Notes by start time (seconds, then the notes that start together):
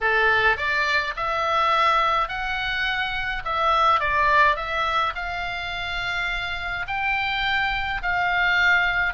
0.00 A4
0.57 D5
1.16 E5
2.28 F#5
3.44 E5
3.99 D5
4.56 E5
5.15 F5
6.87 G5
8.02 F5